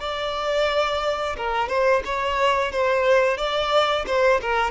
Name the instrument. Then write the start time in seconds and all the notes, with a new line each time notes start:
violin
0.00 D5
1.37 A#4
1.69 C5
2.05 C#5
2.72 C5
3.37 D5
4.07 C5
4.41 A#4